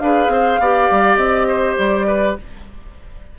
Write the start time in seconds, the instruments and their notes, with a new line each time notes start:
0.00 bassoon D4, clarinet G#4, oboe B4, flute F5
0.28 bassoon C4, oboe C5
0.60 bassoon B3, clarinet G4, oboe D5
0.91 bassoon G3
1.17 bassoon C4, flute D#5
1.48 oboe C5
1.78 bassoon G3, flute D5
2.07 oboe B4